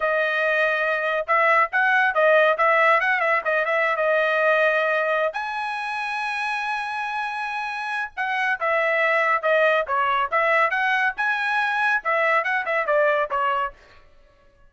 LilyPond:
\new Staff \with { instrumentName = "trumpet" } { \time 4/4 \tempo 4 = 140 dis''2. e''4 | fis''4 dis''4 e''4 fis''8 e''8 | dis''8 e''8. dis''2~ dis''8.~ | dis''8 gis''2.~ gis''8~ |
gis''2. fis''4 | e''2 dis''4 cis''4 | e''4 fis''4 gis''2 | e''4 fis''8 e''8 d''4 cis''4 | }